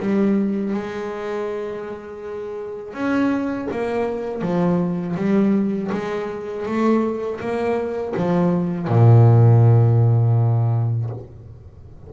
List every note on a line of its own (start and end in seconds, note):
0.00 0.74 G3
0.74 2.94 G#3
2.94 3.68 C#4
3.72 4.42 A#3
4.42 5.16 F3
5.17 5.91 G3
5.93 6.66 G#3
6.66 7.40 A3
7.41 8.15 A#3
8.17 8.88 F3
8.88 11.10 A#2